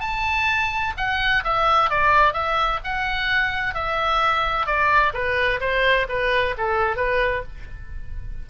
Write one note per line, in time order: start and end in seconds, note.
0.00 0.93 A5
0.97 1.44 F#5
1.44 1.90 E5
1.90 2.33 D5
2.33 2.79 E5
2.84 3.74 F#5
3.74 4.66 E5
4.66 5.13 D5
5.13 5.60 B4
5.60 6.07 C5
6.08 6.55 B4
6.57 6.96 A4
6.96 7.43 B4